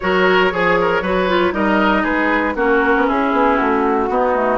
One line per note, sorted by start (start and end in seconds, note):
0.00 0.52 F#3
0.00 0.51 F#4
0.00 0.53 A#4
0.00 1.53 C#5
0.51 1.01 F3
0.51 1.02 G#4
0.51 0.78 G#4
0.81 1.02 A#4
1.01 1.52 F#3
1.01 1.28 F#4
1.01 1.53 B4
1.28 1.52 F4
1.52 2.04 G3
1.52 2.55 D#4
1.52 2.02 A#4
1.52 2.04 D#5
2.02 2.55 G#3
2.02 2.53 G#4
2.02 2.55 B4
2.55 2.93 A#3
2.55 4.09 C#4
2.55 3.06 F#4
2.55 3.09 A#4
2.96 3.09 B3
3.06 3.32 C#4
3.06 4.09 E4
3.06 3.57 G#4
3.32 3.57 B3
3.57 4.09 A3
3.57 4.58 F#4
4.09 4.58 B3
4.09 4.35 B3
4.09 4.58 D#4
4.35 4.58 A3